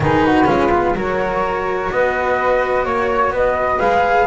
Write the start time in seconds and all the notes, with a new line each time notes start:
0.00 D#3 D#4 G#4 B4
0.25 F#4
0.45 G#3 C#4 F4
0.71 B3
0.95 F#3 F#4 A#4 C#5
1.91 B3 B4 D#5
2.84 A#3 C#5
3.31 B3 B4 D#5
3.79 G#3 G#4 F5